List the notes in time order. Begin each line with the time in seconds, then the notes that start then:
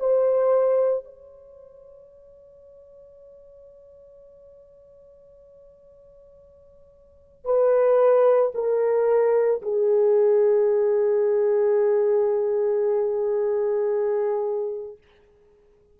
0.00 C5
1.04 C#5
7.45 B4
8.55 A#4
9.62 G#4